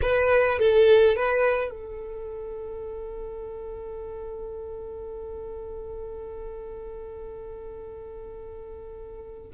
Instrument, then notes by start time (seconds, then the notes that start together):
violin
0.01 B4
0.59 A4
1.15 B4
1.70 A4